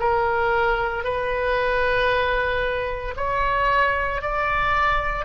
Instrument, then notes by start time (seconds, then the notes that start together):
oboe
0.00 A#4
1.04 B4
3.17 C#5
4.22 D5